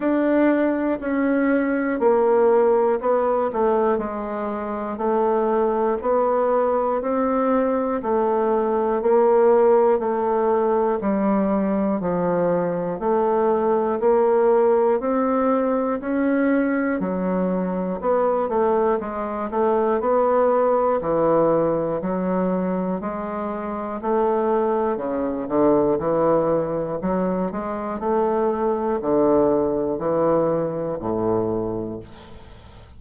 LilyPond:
\new Staff \with { instrumentName = "bassoon" } { \time 4/4 \tempo 4 = 60 d'4 cis'4 ais4 b8 a8 | gis4 a4 b4 c'4 | a4 ais4 a4 g4 | f4 a4 ais4 c'4 |
cis'4 fis4 b8 a8 gis8 a8 | b4 e4 fis4 gis4 | a4 cis8 d8 e4 fis8 gis8 | a4 d4 e4 a,4 | }